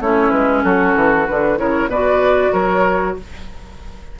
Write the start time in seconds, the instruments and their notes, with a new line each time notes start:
0.00 bassoon A3, clarinet C#4, oboe E4, flute C#5
0.31 bassoon G#3, flute B4
0.64 bassoon F#3, oboe F#4, flute A4
0.96 bassoon E3
1.27 bassoon D3, clarinet D4, flute B4
1.58 bassoon C#3, clarinet E4, oboe A#4, flute C#5
1.87 bassoon B2, oboe B4, flute D5
1.94 clarinet F#4
2.53 bassoon F#3, oboe A#4, flute C#5